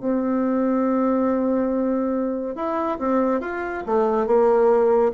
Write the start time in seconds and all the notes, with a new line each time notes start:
0.00 C4
2.56 E4
2.99 C4
3.41 F4
3.87 A3
4.27 A#3